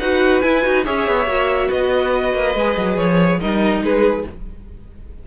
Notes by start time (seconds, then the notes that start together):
0.00 D#4 F#4 B4 F#5
0.41 E4 G#5
0.63 D#4 F#4
0.85 C#4 G#4 C#5 E5
1.08 B3
1.26 A#3 F#4
1.69 B3 B4 D#5
2.34 A#3
2.55 G#3 G#4
2.77 F#3
2.98 F3 C#5
3.41 G3 D#4 A#4 D#5
3.82 G#3 G#4 B4